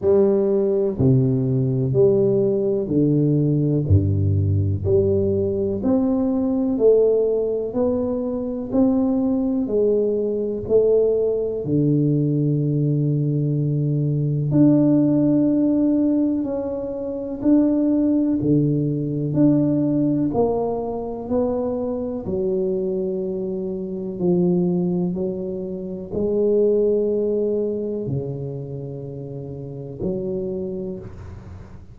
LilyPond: \new Staff \with { instrumentName = "tuba" } { \time 4/4 \tempo 4 = 62 g4 c4 g4 d4 | g,4 g4 c'4 a4 | b4 c'4 gis4 a4 | d2. d'4~ |
d'4 cis'4 d'4 d4 | d'4 ais4 b4 fis4~ | fis4 f4 fis4 gis4~ | gis4 cis2 fis4 | }